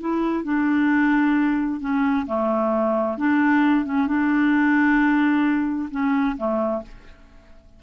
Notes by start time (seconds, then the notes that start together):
0.00 E4
0.44 D4
1.80 C#4
2.26 A3
3.17 D4
3.85 C#4
4.07 D4
5.91 C#4
6.37 A3